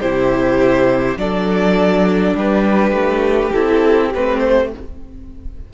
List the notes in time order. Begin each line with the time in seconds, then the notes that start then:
0.00 C3 E4 G4 C5
1.17 F#3 D4 A4 D5
2.36 G3 G4 B4
2.92 A3
3.53 C4 E4 A4
4.15 A3 C4 B4
4.40 C5